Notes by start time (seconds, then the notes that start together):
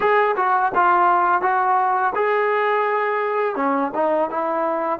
0.00 G#4
0.36 F#4
0.74 F4
1.41 F#4
2.15 G#4
3.55 C#4
3.94 D#4
4.30 E4